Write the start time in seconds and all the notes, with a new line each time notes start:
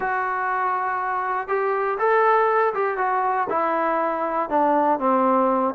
0.00 F#4
1.47 G4
1.98 A4
2.73 G4
2.97 F#4
3.49 E4
4.49 D4
4.99 C4